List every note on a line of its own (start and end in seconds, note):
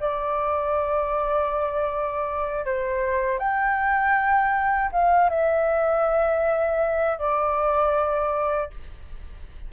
0.00 2.65 D5
2.65 3.39 C5
3.39 4.91 G5
4.92 5.30 F5
5.30 7.19 E5
7.19 8.71 D5